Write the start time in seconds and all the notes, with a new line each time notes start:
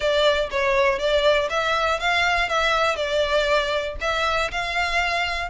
0.00 D5
0.50 C#5
0.98 D5
1.49 E5
1.99 F5
2.49 E5
2.96 D5
4.00 E5
4.51 F5